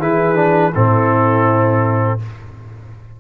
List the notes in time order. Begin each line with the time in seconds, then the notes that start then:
0.00 E3 E4 G#4 B4
0.36 D4
0.73 A2 C4 E4 A4